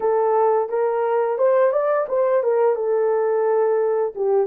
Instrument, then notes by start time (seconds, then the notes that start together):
horn
0.00 A4
0.69 A#4
1.38 C5
1.71 D5
2.08 C5
2.43 A#4
2.75 A4
4.15 G4